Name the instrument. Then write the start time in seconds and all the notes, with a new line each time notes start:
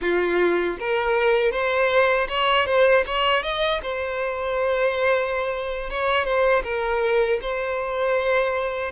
violin
0.01 F4
0.79 A#4
1.51 C5
2.28 C#5
2.66 C5
3.06 C#5
3.42 D#5
3.82 C5
5.90 C#5
6.25 C5
6.63 A#4
7.41 C5